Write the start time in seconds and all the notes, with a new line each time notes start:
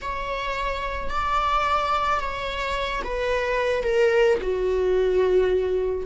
0.01 C#5
1.10 D5
2.19 C#5
3.04 B4
3.83 A#4
4.41 F#4